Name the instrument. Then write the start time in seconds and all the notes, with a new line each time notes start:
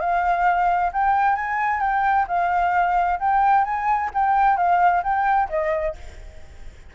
flute
0.00 F5
0.93 G5
1.36 G#5
1.80 G5
2.28 F5
3.20 G5
3.65 G#5
4.14 G5
4.57 F5
5.03 G5
5.49 D#5